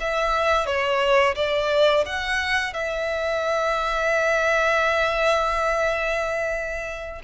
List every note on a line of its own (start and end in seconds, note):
0.00 0.66 E5
0.66 1.35 C#5
1.35 2.04 D5
2.06 2.73 F#5
2.73 7.22 E5